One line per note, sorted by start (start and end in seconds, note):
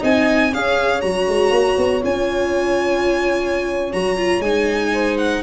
0.00 0.53 C4
0.00 0.50 D#4
0.00 0.51 D#5
0.00 0.54 G#5
0.53 1.03 C#4
0.53 1.02 G#4
0.53 4.93 C#5
0.53 1.01 F5
1.01 1.28 F#3
1.01 2.02 F#4
1.01 2.02 A#5
1.28 1.51 G#3
1.51 1.76 A#3
1.77 2.03 B3
2.02 3.94 C#4
2.02 3.91 F4
2.02 3.93 G#5
3.93 4.40 F#3
3.93 4.17 F#4
3.93 4.42 A#5
4.17 4.42 F4
4.40 5.40 G#3
4.40 5.43 D#4
4.40 5.17 G#5
4.93 5.43 C5
5.18 5.43 F#5